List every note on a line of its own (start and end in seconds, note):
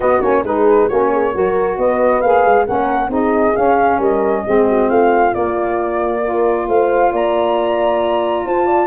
0.00 0.21 B3
0.00 0.22 B3
0.00 0.44 F#4
0.00 0.21 D#5
0.21 0.43 A#3
0.21 0.44 C#4
0.21 0.44 C#5
0.43 0.88 G#3
0.43 0.89 D#4
0.43 0.89 G#4
0.43 0.88 B4
0.88 1.34 A#3
0.88 1.33 C#4
0.88 1.11 F#4
0.88 1.77 C#5
1.11 1.34 G#4
1.33 1.77 F#3
1.33 2.22 F#4
1.33 1.77 A#4
1.77 2.22 B3
1.77 2.65 B4
1.77 2.21 D#5
2.21 2.45 A#3
2.21 2.65 G#4
2.21 2.65 F5
2.45 2.67 G#3
2.65 3.08 A#3
2.65 3.08 C#4
2.65 3.10 A#4
2.65 3.10 F#5
3.08 3.52 C4
3.08 3.53 D#4
3.08 3.98 G#4
3.08 3.55 D#5
3.55 4.44 C#4
3.55 3.98 C#4
3.55 4.00 F5
3.98 4.43 G3
3.98 4.43 A#4
3.98 4.89 D#5
4.44 4.89 G#3
4.44 5.33 C4
4.44 4.68 G#4
4.68 4.87 F#4
4.87 5.34 A3
4.87 6.21 F4
4.87 5.34 F5
5.33 6.22 A#3
5.33 6.67 A#3
5.33 6.67 D5
6.21 8.86 F4
6.21 6.65 A#4
6.67 7.12 A3
6.67 7.12 C5
6.67 7.12 F5
7.12 8.45 A#3
7.12 8.45 D5
7.12 8.46 A#5
8.45 8.86 F4
8.45 8.66 C5
8.45 8.86 A5
8.66 8.86 D5